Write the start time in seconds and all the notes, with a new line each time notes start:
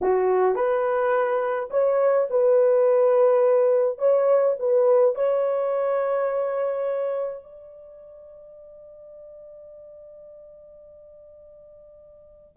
0.01 F#4
0.55 B4
1.70 C#5
2.30 B4
3.98 C#5
4.59 B4
5.15 C#5
7.43 D5